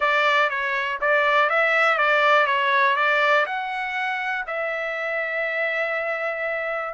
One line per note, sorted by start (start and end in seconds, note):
0.00 0.49 D5
0.49 0.99 C#5
1.00 1.49 D5
1.49 1.97 E5
1.97 2.46 D5
2.46 2.95 C#5
2.96 3.45 D5
3.46 4.45 F#5
4.46 6.94 E5